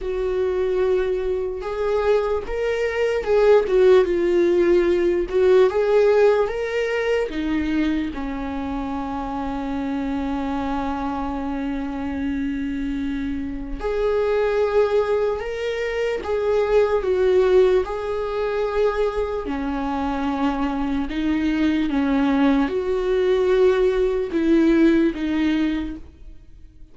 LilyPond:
\new Staff \with { instrumentName = "viola" } { \time 4/4 \tempo 4 = 74 fis'2 gis'4 ais'4 | gis'8 fis'8 f'4. fis'8 gis'4 | ais'4 dis'4 cis'2~ | cis'1~ |
cis'4 gis'2 ais'4 | gis'4 fis'4 gis'2 | cis'2 dis'4 cis'4 | fis'2 e'4 dis'4 | }